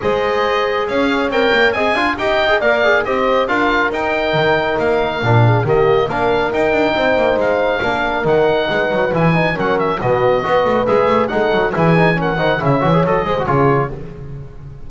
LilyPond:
<<
  \new Staff \with { instrumentName = "oboe" } { \time 4/4 \tempo 4 = 138 dis''2 f''4 g''4 | gis''4 g''4 f''4 dis''4 | f''4 g''2 f''4~ | f''4 dis''4 f''4 g''4~ |
g''4 f''2 fis''4~ | fis''4 gis''4 fis''8 e''8 dis''4~ | dis''4 e''4 fis''4 gis''4 | fis''4 e''4 dis''4 cis''4 | }
  \new Staff \with { instrumentName = "horn" } { \time 4/4 c''2 cis''2 | dis''8 f''8 dis''4 d''4 c''4 | ais'1~ | ais'8 gis'8 g'4 ais'2 |
c''2 ais'2 | b'2 ais'4 fis'4 | b'2 a'4 gis'4 | ais'8 c''8 cis''4. c''8 gis'4 | }
  \new Staff \with { instrumentName = "trombone" } { \time 4/4 gis'2. ais'4 | gis'8 f'8 g'8. gis'16 ais'8 gis'8 g'4 | f'4 dis'2. | d'4 ais4 d'4 dis'4~ |
dis'2 d'4 dis'4~ | dis'4 e'8 dis'8 cis'4 b4 | fis'4 gis'4 dis'4 e'8 dis'8 | cis'8 dis'8 e'8 fis'16 gis'16 a'8 gis'16 fis'16 f'4 | }
  \new Staff \with { instrumentName = "double bass" } { \time 4/4 gis2 cis'4 c'8 ais8 | c'8 d'8 dis'4 ais4 c'4 | d'4 dis'4 dis4 ais4 | ais,4 dis4 ais4 dis'8 d'8 |
c'8 ais8 gis4 ais4 dis4 | gis8 fis8 e4 fis4 b,4 | b8 a8 gis8 a8 gis8 fis8 e4~ | e8 dis8 cis8 e8 fis8 gis8 cis4 | }
>>